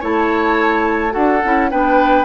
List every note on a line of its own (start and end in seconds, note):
0.00 1.15 A3
0.00 1.11 E4
0.00 1.13 C#5
0.00 1.13 A5
1.11 1.43 D4
1.11 1.39 F#4
1.11 1.70 A4
1.11 1.70 F#5
1.44 1.72 C#4
1.44 1.71 E4
1.71 2.25 B3
1.71 2.25 D4
1.71 2.25 B4
1.71 2.25 G5